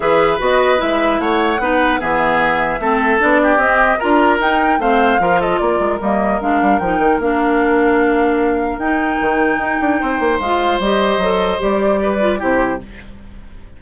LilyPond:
<<
  \new Staff \with { instrumentName = "flute" } { \time 4/4 \tempo 4 = 150 e''4 dis''4 e''4 fis''4~ | fis''4 e''2. | d''4 dis''4 ais''4 g''4 | f''4. dis''8 d''4 dis''4 |
f''4 g''4 f''2~ | f''2 g''2~ | g''2 f''4 dis''4~ | dis''4 d''2 c''4 | }
  \new Staff \with { instrumentName = "oboe" } { \time 4/4 b'2. cis''4 | b'4 gis'2 a'4~ | a'8 g'4. ais'2 | c''4 ais'8 a'8 ais'2~ |
ais'1~ | ais'1~ | ais'4 c''2.~ | c''2 b'4 g'4 | }
  \new Staff \with { instrumentName = "clarinet" } { \time 4/4 gis'4 fis'4 e'2 | dis'4 b2 c'4 | d'4 c'4 f'4 dis'4 | c'4 f'2 ais4 |
d'4 dis'4 d'2~ | d'2 dis'2~ | dis'2 f'4 g'4 | a'4 g'4. f'8 e'4 | }
  \new Staff \with { instrumentName = "bassoon" } { \time 4/4 e4 b4 gis4 a4 | b4 e2 a4 | b4 c'4 d'4 dis'4 | a4 f4 ais8 gis8 g4 |
gis8 g8 f8 dis8 ais2~ | ais2 dis'4 dis4 | dis'8 d'8 c'8 ais8 gis4 g4 | fis4 g2 c4 | }
>>